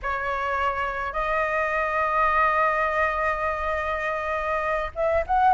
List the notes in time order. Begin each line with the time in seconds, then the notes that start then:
0.02 C#5
1.12 D#5
4.95 E5
5.27 F#5